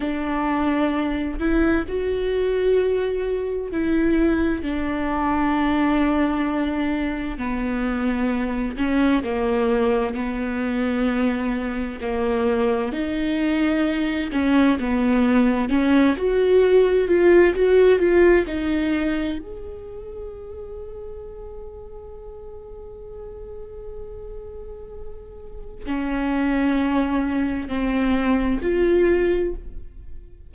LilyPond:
\new Staff \with { instrumentName = "viola" } { \time 4/4 \tempo 4 = 65 d'4. e'8 fis'2 | e'4 d'2. | b4. cis'8 ais4 b4~ | b4 ais4 dis'4. cis'8 |
b4 cis'8 fis'4 f'8 fis'8 f'8 | dis'4 gis'2.~ | gis'1 | cis'2 c'4 f'4 | }